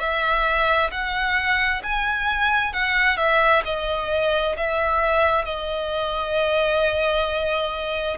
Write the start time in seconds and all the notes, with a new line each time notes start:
0.00 E5
0.92 F#5
1.83 G#5
2.74 F#5
3.17 E5
3.65 D#5
4.57 E5
5.45 D#5